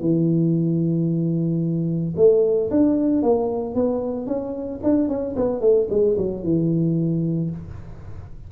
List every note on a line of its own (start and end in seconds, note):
0.00 2.14 E3
2.16 2.70 A3
2.70 3.22 D4
3.22 3.75 A#3
3.75 4.27 B3
4.27 4.80 C#4
4.83 5.08 D4
5.08 5.35 C#4
5.36 5.60 B3
5.60 5.87 A3
5.90 6.17 G#3
6.17 6.43 F#3
6.43 7.50 E3